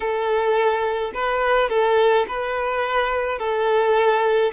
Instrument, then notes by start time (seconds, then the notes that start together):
violin
0.00 A4
1.13 B4
1.69 A4
2.27 B4
3.39 A4